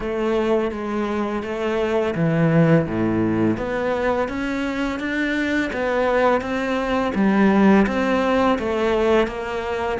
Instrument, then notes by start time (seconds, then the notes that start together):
cello
0.00 A3
0.71 G#3
1.43 A3
2.14 E3
2.86 A2
3.57 B3
4.28 C#4
4.99 D4
5.72 B3
6.41 C4
7.15 G3
7.86 C4
8.58 A3
9.27 A#3